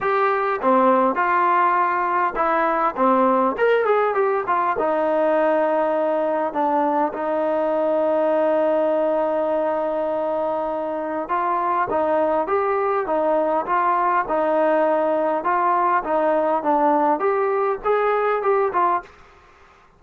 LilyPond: \new Staff \with { instrumentName = "trombone" } { \time 4/4 \tempo 4 = 101 g'4 c'4 f'2 | e'4 c'4 ais'8 gis'8 g'8 f'8 | dis'2. d'4 | dis'1~ |
dis'2. f'4 | dis'4 g'4 dis'4 f'4 | dis'2 f'4 dis'4 | d'4 g'4 gis'4 g'8 f'8 | }